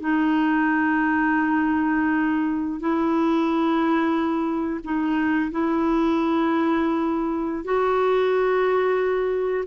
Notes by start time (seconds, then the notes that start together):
0.00 D#4
2.80 E4
4.84 D#4
5.51 E4
7.64 F#4